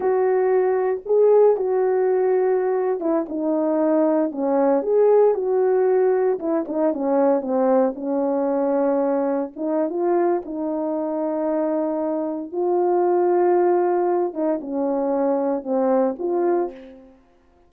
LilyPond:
\new Staff \with { instrumentName = "horn" } { \time 4/4 \tempo 4 = 115 fis'2 gis'4 fis'4~ | fis'4.~ fis'16 e'8 dis'4.~ dis'16~ | dis'16 cis'4 gis'4 fis'4.~ fis'16~ | fis'16 e'8 dis'8 cis'4 c'4 cis'8.~ |
cis'2~ cis'16 dis'8. f'4 | dis'1 | f'2.~ f'8 dis'8 | cis'2 c'4 f'4 | }